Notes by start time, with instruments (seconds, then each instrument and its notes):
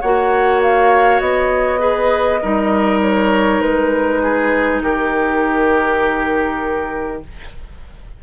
0.00 bassoon A#3, clarinet F#4, oboe C#5, flute F#5
0.61 flute F5
1.20 bassoon B3, flute D#5
1.78 clarinet G#4, oboe B4
2.41 bassoon G3, clarinet D#4, oboe A#4
3.00 flute C#5
3.60 bassoon G#3, flute B4
4.22 oboe G#4
4.82 bassoon D#3, oboe G4, flute A#4